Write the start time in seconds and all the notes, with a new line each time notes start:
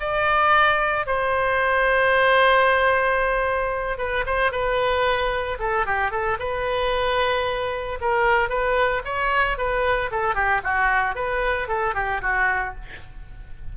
0.00 D5
1.06 C5
3.98 B4
4.26 C5
4.51 B4
5.59 A4
5.86 G4
6.11 A4
6.39 B4
8.01 A#4
8.49 B4
9.05 C#5
9.57 B4
10.11 A4
10.35 G4
10.64 F#4
11.15 B4
11.68 A4
11.94 G4
12.21 F#4